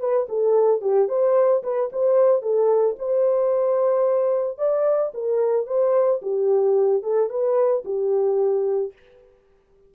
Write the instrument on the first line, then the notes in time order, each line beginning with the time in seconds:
horn
0.00 B4
0.29 A4
0.81 G4
1.09 C5
1.63 B4
1.92 C5
2.42 A4
2.99 C5
4.58 D5
5.14 A#4
5.67 C5
6.22 G4
7.03 A4
7.30 B4
7.85 G4